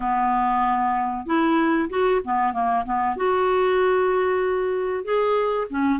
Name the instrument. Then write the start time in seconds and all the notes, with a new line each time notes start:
clarinet
0.00 B3
1.25 E4
1.89 F#4
2.24 B3
2.53 A#3
2.85 B3
3.16 F#4
5.04 G#4
5.70 C#4